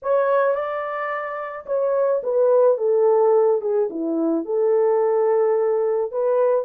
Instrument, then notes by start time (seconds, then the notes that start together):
horn
0.02 C#5
0.54 D5
1.66 C#5
2.23 B4
2.77 A4
3.61 G#4
3.89 E4
4.45 A4
6.11 B4